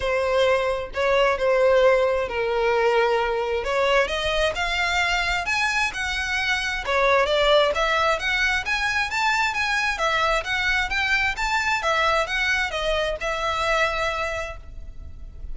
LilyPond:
\new Staff \with { instrumentName = "violin" } { \time 4/4 \tempo 4 = 132 c''2 cis''4 c''4~ | c''4 ais'2. | cis''4 dis''4 f''2 | gis''4 fis''2 cis''4 |
d''4 e''4 fis''4 gis''4 | a''4 gis''4 e''4 fis''4 | g''4 a''4 e''4 fis''4 | dis''4 e''2. | }